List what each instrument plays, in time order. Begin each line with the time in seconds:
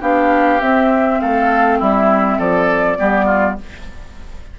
0.00 bassoon B3, clarinet D4, oboe G4, flute F5
0.60 clarinet C4, bassoon C4, flute E5
1.20 bassoon A3, oboe A4, flute F5
1.78 bassoon G3, oboe E4, flute E5
2.38 bassoon F3, oboe A4, flute D5
2.97 bassoon G3, clarinet B3, oboe G4
3.25 oboe F4